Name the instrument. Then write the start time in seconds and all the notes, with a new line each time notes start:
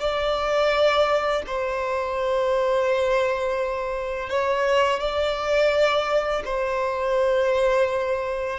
violin
0.00 D5
1.46 C5
4.29 C#5
5.00 D5
6.45 C5